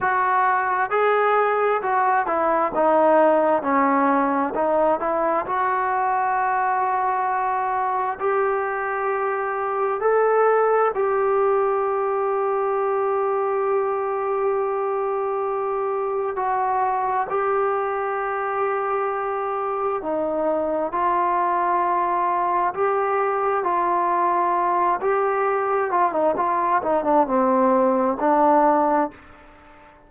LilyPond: \new Staff \with { instrumentName = "trombone" } { \time 4/4 \tempo 4 = 66 fis'4 gis'4 fis'8 e'8 dis'4 | cis'4 dis'8 e'8 fis'2~ | fis'4 g'2 a'4 | g'1~ |
g'2 fis'4 g'4~ | g'2 dis'4 f'4~ | f'4 g'4 f'4. g'8~ | g'8 f'16 dis'16 f'8 dis'16 d'16 c'4 d'4 | }